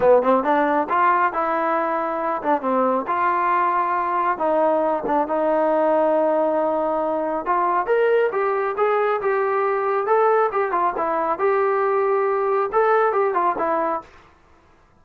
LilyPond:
\new Staff \with { instrumentName = "trombone" } { \time 4/4 \tempo 4 = 137 b8 c'8 d'4 f'4 e'4~ | e'4. d'8 c'4 f'4~ | f'2 dis'4. d'8 | dis'1~ |
dis'4 f'4 ais'4 g'4 | gis'4 g'2 a'4 | g'8 f'8 e'4 g'2~ | g'4 a'4 g'8 f'8 e'4 | }